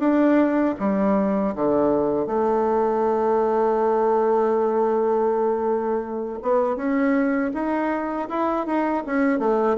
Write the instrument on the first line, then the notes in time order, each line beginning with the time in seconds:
bassoon
0.00 D4
0.80 G3
1.55 D3
2.27 A3
6.43 B3
6.77 C#4
7.54 D#4
8.29 E4
8.66 D#4
9.06 C#4
9.40 A3